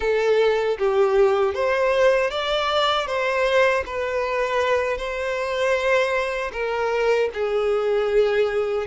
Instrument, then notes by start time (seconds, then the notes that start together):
violin
0.00 A4
0.78 G4
1.54 C5
2.30 D5
3.06 C5
3.86 B4
4.97 C5
6.52 A#4
7.33 G#4